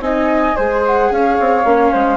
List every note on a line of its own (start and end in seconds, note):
0.00 0.55 C4
0.00 0.56 D#4
0.00 0.56 D#5
0.00 0.84 G#5
0.56 1.11 G#3
0.56 1.66 G#4
0.56 1.11 C5
0.86 1.12 F#5
1.11 1.38 C#4
1.11 1.93 C#5
1.11 2.17 F5
1.40 1.65 C4
1.65 1.92 A#3
1.65 2.17 C#4
1.93 2.17 G#3
1.93 2.17 C5